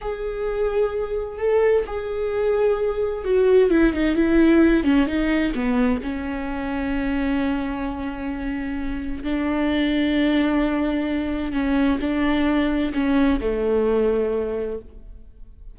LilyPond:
\new Staff \with { instrumentName = "viola" } { \time 4/4 \tempo 4 = 130 gis'2. a'4 | gis'2. fis'4 | e'8 dis'8 e'4. cis'8 dis'4 | b4 cis'2.~ |
cis'1 | d'1~ | d'4 cis'4 d'2 | cis'4 a2. | }